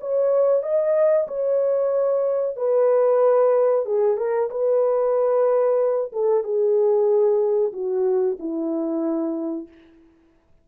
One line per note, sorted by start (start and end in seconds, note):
0.00 0.62 C#5
0.62 1.27 D#5
1.27 2.56 C#5
2.56 3.85 B4
3.85 4.17 G#4
4.17 4.49 A#4
4.50 6.11 B4
6.12 6.43 A4
6.43 7.72 G#4
7.72 8.37 F#4
8.39 9.68 E4